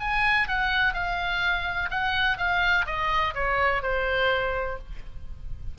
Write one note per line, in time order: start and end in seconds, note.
0.00 0.48 G#5
0.48 0.94 F#5
0.94 1.90 F5
1.91 2.38 F#5
2.38 2.86 F5
2.86 3.34 D#5
3.35 3.82 C#5
3.82 4.78 C5